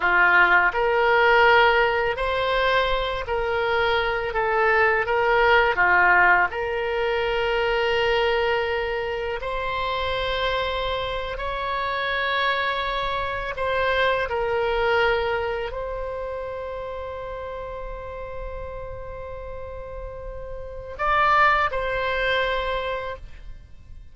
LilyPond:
\new Staff \with { instrumentName = "oboe" } { \time 4/4 \tempo 4 = 83 f'4 ais'2 c''4~ | c''8 ais'4. a'4 ais'4 | f'4 ais'2.~ | ais'4 c''2~ c''8. cis''16~ |
cis''2~ cis''8. c''4 ais'16~ | ais'4.~ ais'16 c''2~ c''16~ | c''1~ | c''4 d''4 c''2 | }